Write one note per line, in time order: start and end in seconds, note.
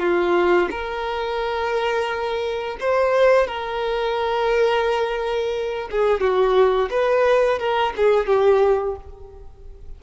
0.00 0.69 F4
0.71 2.78 A#4
2.81 3.48 C5
3.48 5.89 A#4
5.92 6.21 G#4
6.21 6.90 F#4
6.91 7.60 B4
7.60 7.94 A#4
7.97 8.27 G#4
8.27 8.96 G4